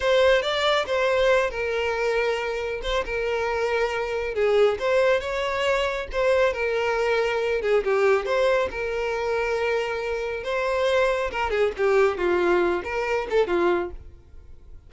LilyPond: \new Staff \with { instrumentName = "violin" } { \time 4/4 \tempo 4 = 138 c''4 d''4 c''4. ais'8~ | ais'2~ ais'8 c''8 ais'4~ | ais'2 gis'4 c''4 | cis''2 c''4 ais'4~ |
ais'4. gis'8 g'4 c''4 | ais'1 | c''2 ais'8 gis'8 g'4 | f'4. ais'4 a'8 f'4 | }